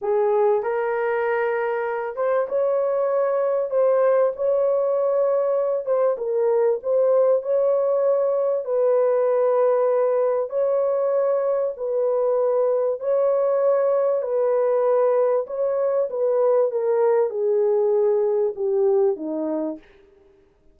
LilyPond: \new Staff \with { instrumentName = "horn" } { \time 4/4 \tempo 4 = 97 gis'4 ais'2~ ais'8 c''8 | cis''2 c''4 cis''4~ | cis''4. c''8 ais'4 c''4 | cis''2 b'2~ |
b'4 cis''2 b'4~ | b'4 cis''2 b'4~ | b'4 cis''4 b'4 ais'4 | gis'2 g'4 dis'4 | }